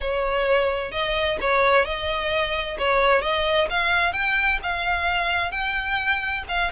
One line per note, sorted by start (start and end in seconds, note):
0.00 0.91 C#5
0.91 1.37 D#5
1.41 1.85 C#5
1.85 2.77 D#5
2.78 3.21 C#5
3.21 3.67 D#5
3.69 4.13 F5
4.13 4.59 G5
4.62 5.51 F5
5.51 6.43 G5
6.48 6.71 F5